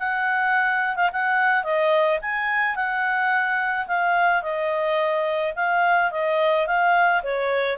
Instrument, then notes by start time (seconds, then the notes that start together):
clarinet
0.00 F#5
0.96 F5
1.13 F#5
1.64 D#5
2.22 G#5
2.76 F#5
3.88 F5
4.43 D#5
5.56 F5
6.12 D#5
6.67 F5
7.23 C#5